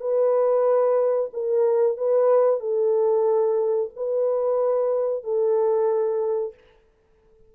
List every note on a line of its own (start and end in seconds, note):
0.00 1.30 B4
1.33 1.97 A#4
1.97 2.60 B4
2.60 3.90 A4
3.96 5.24 B4
5.24 6.54 A4